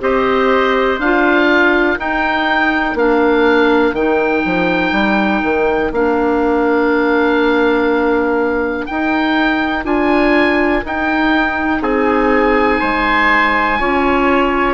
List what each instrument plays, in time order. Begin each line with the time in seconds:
0.00 bassoon C4, clarinet G4, trumpet C5, oboe D#5
0.98 bassoon D4, clarinet F4, oboe F5
1.46 trumpet A#4
1.97 clarinet D#4, bassoon D#4, oboe G5
2.94 bassoon A#3, clarinet D4, oboe F5
3.92 bassoon D#3, clarinet D#4, oboe G5
4.45 bassoon F3
4.92 bassoon G3
5.43 bassoon D#3
5.91 bassoon A#3, clarinet D4, oboe F5
8.86 clarinet D#4, bassoon D#4, oboe G5
9.84 bassoon D4, clarinet F4, oboe G#5
10.84 bassoon D#4, clarinet D#4, oboe G5
11.81 bassoon C4, trumpet G#4, oboe G#5
12.80 bassoon G#3, trumpet C5
13.79 bassoon C#4, clarinet F4, trumpet C#5